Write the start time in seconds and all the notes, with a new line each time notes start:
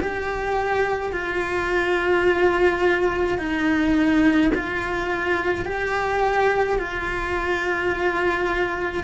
0.00 G4
1.13 F4
3.39 D#4
4.54 F4
5.66 G4
6.79 F4